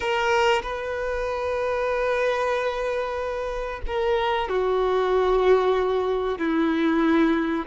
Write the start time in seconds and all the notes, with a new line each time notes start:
0.00 A#4
0.62 B4
3.86 A#4
4.49 F#4
6.38 E4